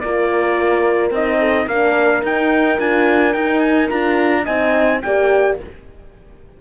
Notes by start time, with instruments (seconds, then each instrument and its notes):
0.00 cello A#3, horn F4 A#4, trumpet D5
1.10 cello C4, horn D#4, trumpet D#5
1.39 horn A4
1.67 cello A#3, horn D4 A#4, trumpet F5
2.22 cello D#4, horn D#4, trumpet G5
2.78 cello D4, horn F4, trumpet G#5
3.33 cello D#4, horn D#4, trumpet G5
3.59 trumpet G#5
3.89 cello D4, horn F4, trumpet A#5
4.43 cello C4, horn D#4 D#5, trumpet G#5
5.02 cello A#3, horn G4 D5, trumpet G5